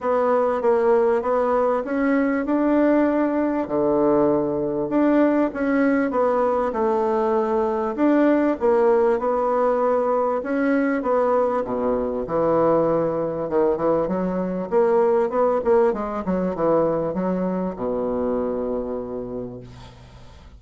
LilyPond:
\new Staff \with { instrumentName = "bassoon" } { \time 4/4 \tempo 4 = 98 b4 ais4 b4 cis'4 | d'2 d2 | d'4 cis'4 b4 a4~ | a4 d'4 ais4 b4~ |
b4 cis'4 b4 b,4 | e2 dis8 e8 fis4 | ais4 b8 ais8 gis8 fis8 e4 | fis4 b,2. | }